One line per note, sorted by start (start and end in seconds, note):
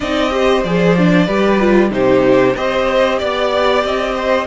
0.00 0.63 C4
0.00 0.30 D#4
0.00 0.32 D5
0.00 0.63 D#5
0.30 0.62 G4
0.30 1.26 C5
0.63 1.27 F3
0.63 0.98 G#4
0.63 1.91 D5
0.98 1.28 D4
1.26 1.90 G3
1.26 1.59 G4
1.26 1.90 B4
1.59 1.90 F4
1.90 2.54 C3
1.90 2.53 D#4
1.90 2.55 G4
1.90 2.56 C5
2.55 3.21 C4
2.55 4.47 G4
2.55 3.18 C5
2.55 3.18 D#5
3.18 3.84 B3
3.18 3.82 D5
3.18 4.14 D5
3.84 4.47 C4
3.84 4.47 D#5
4.15 4.47 C5